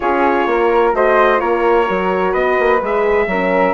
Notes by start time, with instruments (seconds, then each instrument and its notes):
0.00 bassoon C#4, horn F4, flute G#4, trumpet C#5
0.46 bassoon A#3, flute A#4
0.93 bassoon A3, horn F#4, flute C5, trumpet D#5
1.38 bassoon A#3, horn F4, flute A#4, trumpet C#5
1.87 bassoon F#3, horn F#4
2.31 bassoon B3, flute B4, trumpet D#5
2.59 bassoon A#3
2.81 bassoon G#3, horn G#4, trumpet E5
3.26 bassoon F#3, horn C#4, flute A#4